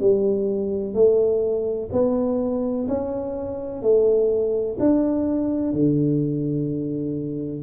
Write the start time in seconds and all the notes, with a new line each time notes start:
0.00 G3
0.94 A3
1.92 B3
2.88 C#4
3.82 A3
4.79 D4
5.73 D3